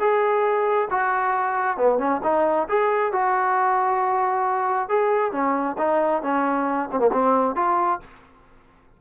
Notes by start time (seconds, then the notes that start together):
0.00 G#4
0.91 F#4
1.78 B3
1.99 C#4
2.24 D#4
2.69 G#4
3.13 F#4
4.89 G#4
5.32 C#4
5.79 D#4
6.23 C#4
6.93 C4
7.00 A#3
7.13 C4
7.56 F4